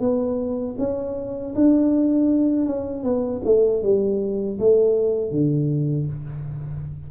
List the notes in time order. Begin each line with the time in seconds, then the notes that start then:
0.00 B3
0.78 C#4
1.55 D4
2.66 C#4
3.04 B3
3.45 A3
3.83 G3
4.59 A3
5.31 D3